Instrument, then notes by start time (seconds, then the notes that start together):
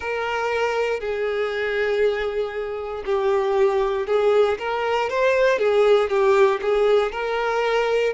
violin
0.00 A#4
1.00 G#4
3.05 G4
4.07 G#4
4.58 A#4
5.09 C5
5.58 G#4
6.09 G4
6.61 G#4
7.11 A#4